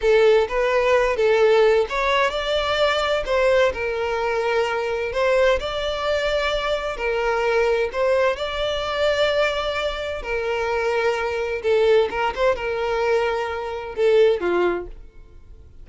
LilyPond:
\new Staff \with { instrumentName = "violin" } { \time 4/4 \tempo 4 = 129 a'4 b'4. a'4. | cis''4 d''2 c''4 | ais'2. c''4 | d''2. ais'4~ |
ais'4 c''4 d''2~ | d''2 ais'2~ | ais'4 a'4 ais'8 c''8 ais'4~ | ais'2 a'4 f'4 | }